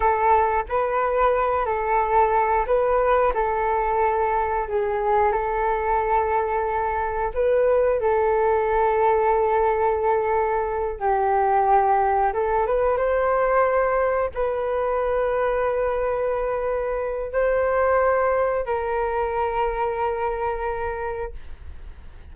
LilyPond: \new Staff \with { instrumentName = "flute" } { \time 4/4 \tempo 4 = 90 a'4 b'4. a'4. | b'4 a'2 gis'4 | a'2. b'4 | a'1~ |
a'8 g'2 a'8 b'8 c''8~ | c''4. b'2~ b'8~ | b'2 c''2 | ais'1 | }